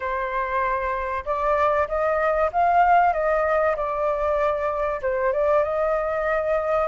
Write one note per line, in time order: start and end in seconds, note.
0.00 1.24 C5
1.25 1.87 D5
1.88 2.50 D#5
2.52 3.12 F5
3.12 3.75 D#5
3.76 5.01 D5
5.02 5.32 C5
5.32 5.63 D5
5.63 6.87 D#5